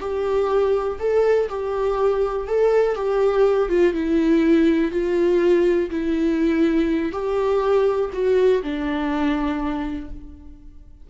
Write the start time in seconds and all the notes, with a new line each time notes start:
0.00 G4
0.99 A4
1.49 G4
2.47 A4
2.95 G4
3.69 F4
3.93 E4
4.91 F4
5.90 E4
7.12 G4
8.13 F#4
8.62 D4